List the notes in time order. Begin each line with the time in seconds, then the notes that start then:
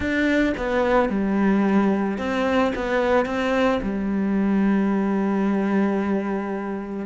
0.00 D4
0.57 B3
1.09 G3
2.18 C4
2.75 B3
3.25 C4
3.82 G3